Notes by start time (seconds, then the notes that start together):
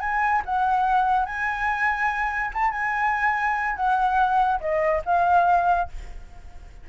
0.00 G#5
0.45 F#5
1.25 G#5
2.53 A5
2.71 G#5
3.76 F#5
4.61 D#5
5.05 F5